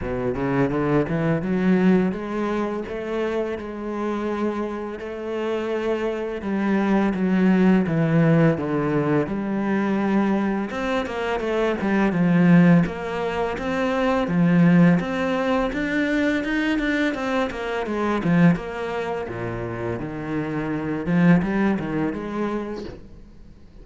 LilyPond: \new Staff \with { instrumentName = "cello" } { \time 4/4 \tempo 4 = 84 b,8 cis8 d8 e8 fis4 gis4 | a4 gis2 a4~ | a4 g4 fis4 e4 | d4 g2 c'8 ais8 |
a8 g8 f4 ais4 c'4 | f4 c'4 d'4 dis'8 d'8 | c'8 ais8 gis8 f8 ais4 ais,4 | dis4. f8 g8 dis8 gis4 | }